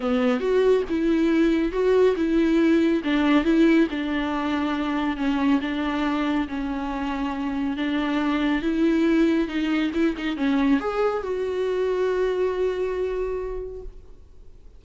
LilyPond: \new Staff \with { instrumentName = "viola" } { \time 4/4 \tempo 4 = 139 b4 fis'4 e'2 | fis'4 e'2 d'4 | e'4 d'2. | cis'4 d'2 cis'4~ |
cis'2 d'2 | e'2 dis'4 e'8 dis'8 | cis'4 gis'4 fis'2~ | fis'1 | }